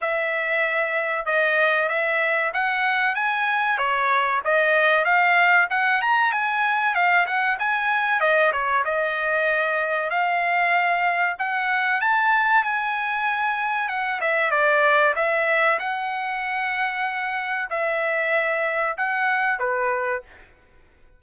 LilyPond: \new Staff \with { instrumentName = "trumpet" } { \time 4/4 \tempo 4 = 95 e''2 dis''4 e''4 | fis''4 gis''4 cis''4 dis''4 | f''4 fis''8 ais''8 gis''4 f''8 fis''8 | gis''4 dis''8 cis''8 dis''2 |
f''2 fis''4 a''4 | gis''2 fis''8 e''8 d''4 | e''4 fis''2. | e''2 fis''4 b'4 | }